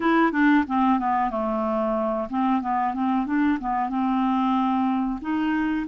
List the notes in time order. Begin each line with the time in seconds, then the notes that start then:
0.00 E4
0.31 D4
0.67 C4
0.99 B3
1.30 A3
2.29 C4
2.61 B3
2.93 C4
3.26 D4
3.60 B3
3.89 C4
5.21 D#4